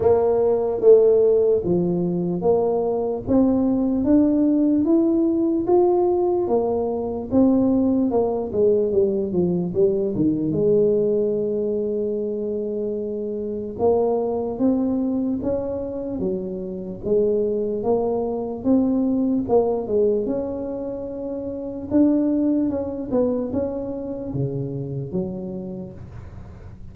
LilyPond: \new Staff \with { instrumentName = "tuba" } { \time 4/4 \tempo 4 = 74 ais4 a4 f4 ais4 | c'4 d'4 e'4 f'4 | ais4 c'4 ais8 gis8 g8 f8 | g8 dis8 gis2.~ |
gis4 ais4 c'4 cis'4 | fis4 gis4 ais4 c'4 | ais8 gis8 cis'2 d'4 | cis'8 b8 cis'4 cis4 fis4 | }